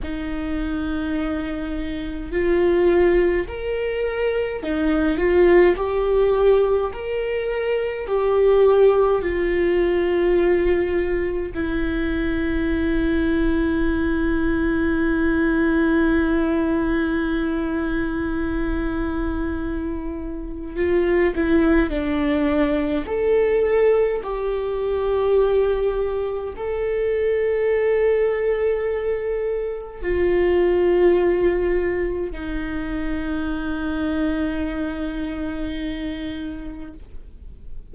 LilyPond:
\new Staff \with { instrumentName = "viola" } { \time 4/4 \tempo 4 = 52 dis'2 f'4 ais'4 | dis'8 f'8 g'4 ais'4 g'4 | f'2 e'2~ | e'1~ |
e'2 f'8 e'8 d'4 | a'4 g'2 a'4~ | a'2 f'2 | dis'1 | }